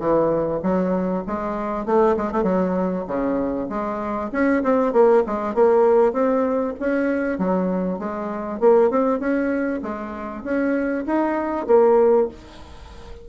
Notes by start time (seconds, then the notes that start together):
0.00 E3
0.63 F#3
1.27 G#3
1.86 A3
2.17 G#3
2.33 A3
2.44 F#3
3.08 C#3
3.70 G#3
4.33 C#4
4.64 C4
4.93 A#3
5.27 G#3
5.55 A#3
6.13 C4
6.80 C#4
7.39 F#3
7.99 G#3
8.60 A#3
8.91 C4
9.20 C#4
9.83 G#3
10.44 C#4
11.07 D#4
11.67 A#3